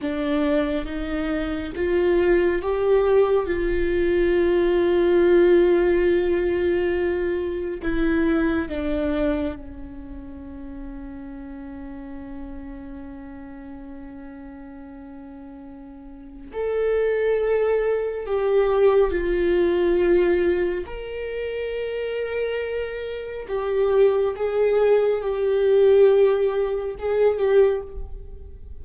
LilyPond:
\new Staff \with { instrumentName = "viola" } { \time 4/4 \tempo 4 = 69 d'4 dis'4 f'4 g'4 | f'1~ | f'4 e'4 d'4 cis'4~ | cis'1~ |
cis'2. a'4~ | a'4 g'4 f'2 | ais'2. g'4 | gis'4 g'2 gis'8 g'8 | }